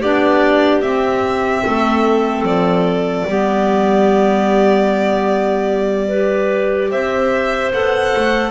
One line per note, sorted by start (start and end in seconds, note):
0.00 0.83 B3
0.00 0.83 D4
0.00 1.62 G4
0.00 0.81 D5
0.81 1.64 C4
0.81 3.26 C4
0.81 2.43 E5
1.66 2.42 A3
1.66 3.28 A4
2.42 3.23 F3
2.42 6.91 D5
3.26 6.91 G3
3.26 6.11 B3
3.26 6.08 G4
6.08 7.73 G4
6.08 6.89 B4
6.90 7.72 C4
6.90 8.51 C5
6.90 7.72 E5
7.73 8.14 B3
7.73 8.51 A4
7.73 8.51 F#5
8.16 8.51 A3